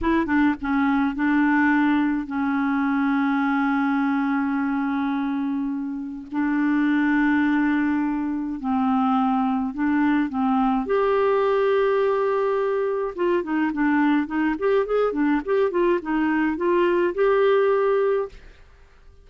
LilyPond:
\new Staff \with { instrumentName = "clarinet" } { \time 4/4 \tempo 4 = 105 e'8 d'8 cis'4 d'2 | cis'1~ | cis'2. d'4~ | d'2. c'4~ |
c'4 d'4 c'4 g'4~ | g'2. f'8 dis'8 | d'4 dis'8 g'8 gis'8 d'8 g'8 f'8 | dis'4 f'4 g'2 | }